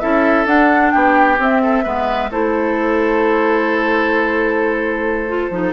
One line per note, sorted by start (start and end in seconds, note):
0.00 0.46 C#4
0.00 0.46 E4
0.00 0.93 A4
0.00 0.46 E5
0.46 0.92 D4
0.46 1.38 D4
0.46 0.91 F#5
0.91 1.39 B3
0.91 1.62 G4
0.91 1.37 G5
1.39 1.85 C4
1.39 1.84 C4
1.39 2.32 E5
1.62 1.84 A4
1.84 2.31 G#3
1.84 2.30 B3
1.84 2.30 B4
2.31 5.51 A3
2.31 5.29 E4
2.31 5.73 A4
2.31 5.73 C5
5.29 5.51 F4
5.51 5.73 F3
5.51 5.73 D#4